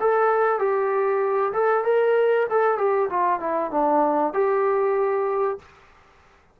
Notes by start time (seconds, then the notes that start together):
0.00 A4
0.59 G4
1.53 A4
1.84 A#4
2.50 A4
2.77 G4
3.10 F4
3.40 E4
3.70 D4
4.33 G4